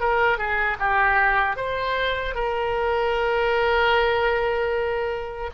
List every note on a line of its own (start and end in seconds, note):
0.00 0.38 A#4
0.38 0.77 G#4
0.79 1.56 G4
1.56 2.35 C5
2.35 5.50 A#4